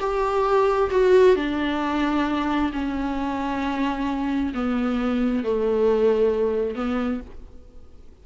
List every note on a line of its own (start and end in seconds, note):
0.00 0.90 G4
0.91 1.36 F#4
1.36 2.71 D4
2.73 4.53 C#4
4.54 5.44 B3
5.44 6.76 A3
6.76 7.21 B3